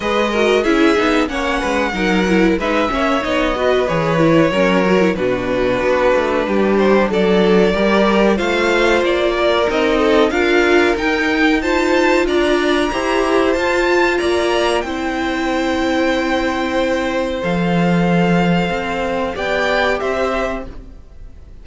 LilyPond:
<<
  \new Staff \with { instrumentName = "violin" } { \time 4/4 \tempo 4 = 93 dis''4 e''4 fis''2 | e''4 dis''4 cis''2 | b'2~ b'8 c''8 d''4~ | d''4 f''4 d''4 dis''4 |
f''4 g''4 a''4 ais''4~ | ais''4 a''4 ais''4 g''4~ | g''2. f''4~ | f''2 g''4 e''4 | }
  \new Staff \with { instrumentName = "violin" } { \time 4/4 b'8 ais'8 gis'4 cis''8 b'8 ais'4 | b'8 cis''4 b'4. ais'4 | fis'2 g'4 a'4 | ais'4 c''4. ais'4 a'8 |
ais'2 c''4 d''4 | c''2 d''4 c''4~ | c''1~ | c''2 d''4 c''4 | }
  \new Staff \with { instrumentName = "viola" } { \time 4/4 gis'8 fis'8 e'8 dis'8 cis'4 dis'8 e'8 | dis'8 cis'8 dis'8 fis'8 gis'8 e'8 cis'8 fis'16 e'16 | d'1 | g'4 f'2 dis'4 |
f'4 dis'4 f'2 | g'4 f'2 e'4~ | e'2. a'4~ | a'2 g'2 | }
  \new Staff \with { instrumentName = "cello" } { \time 4/4 gis4 cis'8 b8 ais8 gis8 fis4 | gis8 ais8 b4 e4 fis4 | b,4 b8 a8 g4 fis4 | g4 a4 ais4 c'4 |
d'4 dis'2 d'4 | e'4 f'4 ais4 c'4~ | c'2. f4~ | f4 c'4 b4 c'4 | }
>>